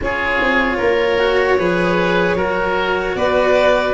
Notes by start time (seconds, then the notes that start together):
0.01 C#4 F4 G#4 C#5
0.40 C4
0.77 A#3 A#4
1.18 F#4
1.58 F3 G#4 B4
2.34 F#3 F#4 A#4
3.15 B3 B4 D5